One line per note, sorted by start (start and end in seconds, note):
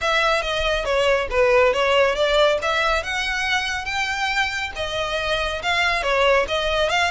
0.01 0.42 E5
0.42 0.84 D#5
0.84 1.28 C#5
1.30 1.73 B4
1.73 2.15 C#5
2.15 2.58 D5
2.62 3.03 E5
3.03 3.85 F#5
3.85 4.71 G5
4.75 5.62 D#5
5.62 6.02 F5
6.02 6.46 C#5
6.48 6.89 D#5
6.89 7.11 F5